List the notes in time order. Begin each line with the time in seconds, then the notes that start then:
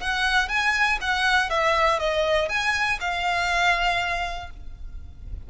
0.00 F#5
0.48 G#5
1.01 F#5
1.49 E5
1.99 D#5
2.49 G#5
3.00 F5